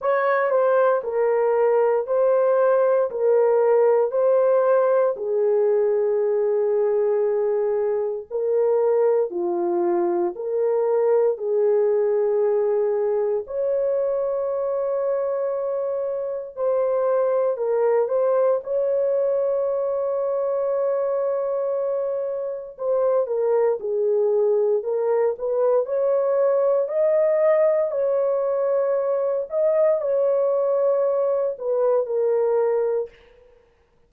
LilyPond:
\new Staff \with { instrumentName = "horn" } { \time 4/4 \tempo 4 = 58 cis''8 c''8 ais'4 c''4 ais'4 | c''4 gis'2. | ais'4 f'4 ais'4 gis'4~ | gis'4 cis''2. |
c''4 ais'8 c''8 cis''2~ | cis''2 c''8 ais'8 gis'4 | ais'8 b'8 cis''4 dis''4 cis''4~ | cis''8 dis''8 cis''4. b'8 ais'4 | }